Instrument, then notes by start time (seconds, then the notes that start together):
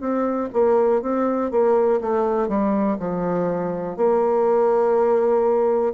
bassoon
0.00 C4
0.53 A#3
1.01 C4
1.51 A#3
2.01 A3
2.48 G3
2.99 F3
3.97 A#3